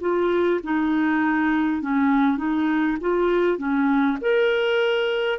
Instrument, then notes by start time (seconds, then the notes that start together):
clarinet
0.00 F4
0.63 D#4
1.82 C#4
2.37 D#4
3.01 F4
3.58 C#4
4.21 A#4